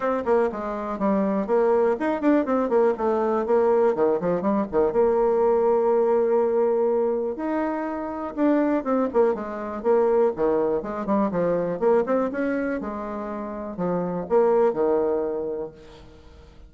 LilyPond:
\new Staff \with { instrumentName = "bassoon" } { \time 4/4 \tempo 4 = 122 c'8 ais8 gis4 g4 ais4 | dis'8 d'8 c'8 ais8 a4 ais4 | dis8 f8 g8 dis8 ais2~ | ais2. dis'4~ |
dis'4 d'4 c'8 ais8 gis4 | ais4 dis4 gis8 g8 f4 | ais8 c'8 cis'4 gis2 | f4 ais4 dis2 | }